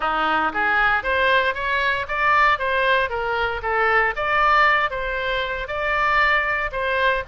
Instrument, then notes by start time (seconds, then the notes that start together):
oboe
0.00 D#4
0.53 G#4
1.03 C5
1.54 C#5
2.08 D5
2.58 C5
3.09 A#4
3.62 A4
4.15 D5
4.90 C5
5.67 D5
6.71 C5